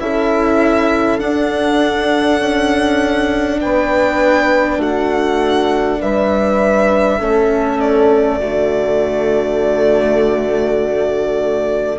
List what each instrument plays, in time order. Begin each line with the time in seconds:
0.00 bassoon C#4, cello E4, horn A4, violin E5
1.19 cello D4, bassoon D4, violin F#5
2.40 bassoon C#4
3.61 bassoon B3, horn B4, violin G5
4.78 bassoon A3, horn F#4, violin F#5
6.01 bassoon G3, horn B4, violin E5
7.19 bassoon A3, cello C#4, horn A4
7.80 violin D5
8.40 bassoon D3, cello A3, horn F#4